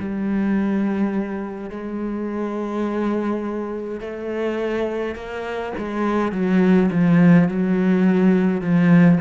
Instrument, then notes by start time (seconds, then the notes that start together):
cello
0.00 G3
1.70 G#3
4.01 A3
5.15 A#3
5.78 G#3
6.33 F#3
6.91 F3
7.48 F#3
8.61 F3